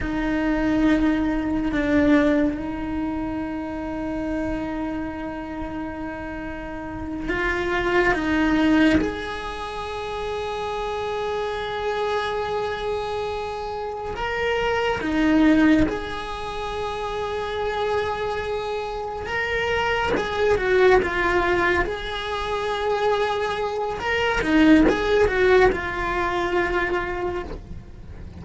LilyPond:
\new Staff \with { instrumentName = "cello" } { \time 4/4 \tempo 4 = 70 dis'2 d'4 dis'4~ | dis'1~ | dis'8 f'4 dis'4 gis'4.~ | gis'1~ |
gis'8 ais'4 dis'4 gis'4.~ | gis'2~ gis'8 ais'4 gis'8 | fis'8 f'4 gis'2~ gis'8 | ais'8 dis'8 gis'8 fis'8 f'2 | }